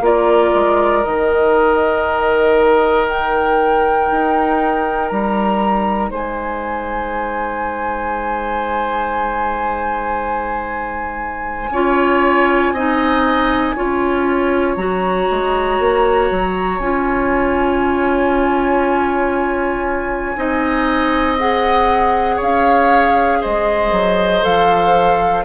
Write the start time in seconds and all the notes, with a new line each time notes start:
0.00 A#3 F4 A#4 D5
0.54 G#3
1.03 D#3 D#4 D#5
3.08 G5
4.11 D#4
5.08 G3 A#5
6.10 G#3 C5 G#5
11.70 C#4 F4 C#5
12.72 C4 D#4 D#5
13.75 C#4 F4 C#5
14.75 F#3 F#4 A#5
15.31 G#3
15.79 A#3
16.31 F#3
16.79 C#4 F4 G#5
20.36 C4 D#4 D#5
21.39 G#4 F#5
22.36 C#4 C#5 F5
23.41 G#3 C5 D#5
23.92 F#3
24.42 F3 A4 F5